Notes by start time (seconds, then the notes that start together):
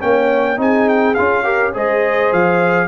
0.00 A#3 C#4 C#5 G5
0.57 C4 D#4 G#4 G#5
0.88 G5
1.14 C#4 F4 F5
1.44 G4 A#4
1.74 G#3 G#4 C5 D#5
2.32 F3 F5